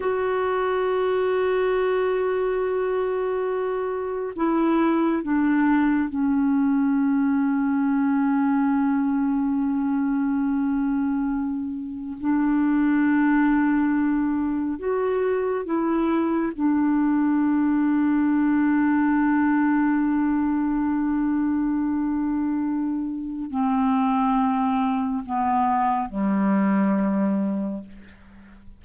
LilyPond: \new Staff \with { instrumentName = "clarinet" } { \time 4/4 \tempo 4 = 69 fis'1~ | fis'4 e'4 d'4 cis'4~ | cis'1~ | cis'2 d'2~ |
d'4 fis'4 e'4 d'4~ | d'1~ | d'2. c'4~ | c'4 b4 g2 | }